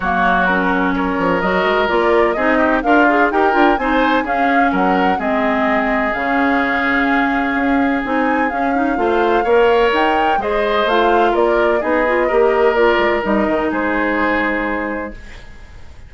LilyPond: <<
  \new Staff \with { instrumentName = "flute" } { \time 4/4 \tempo 4 = 127 cis''4 ais'4 cis''4 dis''4 | d''4 dis''4 f''4 g''4 | gis''4 f''4 fis''4 dis''4~ | dis''4 f''2.~ |
f''4 gis''4 f''2~ | f''4 g''4 dis''4 f''4 | d''4 dis''2 d''4 | dis''4 c''2. | }
  \new Staff \with { instrumentName = "oboe" } { \time 4/4 fis'2 ais'2~ | ais'4 gis'8 g'8 f'4 ais'4 | c''4 gis'4 ais'4 gis'4~ | gis'1~ |
gis'2. c''4 | cis''2 c''2 | ais'4 gis'4 ais'2~ | ais'4 gis'2. | }
  \new Staff \with { instrumentName = "clarinet" } { \time 4/4 ais4 cis'2 fis'4 | f'4 dis'4 ais'8 gis'8 g'8 f'8 | dis'4 cis'2 c'4~ | c'4 cis'2.~ |
cis'4 dis'4 cis'8 dis'8 f'4 | ais'2 gis'4 f'4~ | f'4 dis'8 f'8 g'4 f'4 | dis'1 | }
  \new Staff \with { instrumentName = "bassoon" } { \time 4/4 fis2~ fis8 f8 fis8 gis8 | ais4 c'4 d'4 dis'8 d'8 | c'4 cis'4 fis4 gis4~ | gis4 cis2. |
cis'4 c'4 cis'4 a4 | ais4 dis'4 gis4 a4 | ais4 b4 ais4. gis8 | g8 dis8 gis2. | }
>>